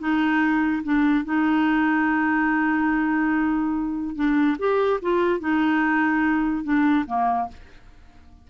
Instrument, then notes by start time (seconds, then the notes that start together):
clarinet
0.00 D#4
0.84 D4
1.25 D#4
4.16 D4
4.59 G4
5.02 F4
5.40 D#4
6.64 D4
7.07 A#3